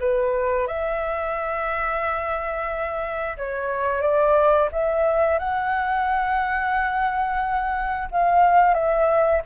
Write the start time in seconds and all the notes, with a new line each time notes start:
0.00 B4
0.67 E5
3.37 C#5
4.01 D5
4.72 E5
5.39 F#5
8.11 F5
8.74 E5